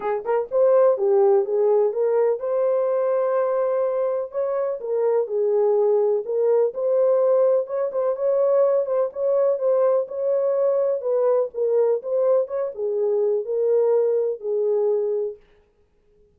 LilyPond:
\new Staff \with { instrumentName = "horn" } { \time 4/4 \tempo 4 = 125 gis'8 ais'8 c''4 g'4 gis'4 | ais'4 c''2.~ | c''4 cis''4 ais'4 gis'4~ | gis'4 ais'4 c''2 |
cis''8 c''8 cis''4. c''8 cis''4 | c''4 cis''2 b'4 | ais'4 c''4 cis''8 gis'4. | ais'2 gis'2 | }